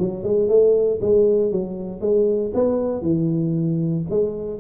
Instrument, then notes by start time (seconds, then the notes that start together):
tuba
0.00 F#3
0.24 G#3
0.49 A3
1.02 G#3
1.52 F#3
2.01 G#3
2.55 B3
3.02 E3
4.10 G#3